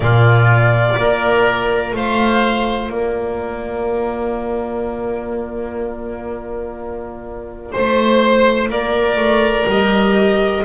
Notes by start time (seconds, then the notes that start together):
0.00 A#2 A#3 F4 D5
0.95 A#3 F4 A#4
1.92 A3 C5 F5
2.88 A#3 A#4 D5
7.72 A3 C5
8.70 A#3 A#4 D5
9.16 A3
9.66 G3 G4 D#5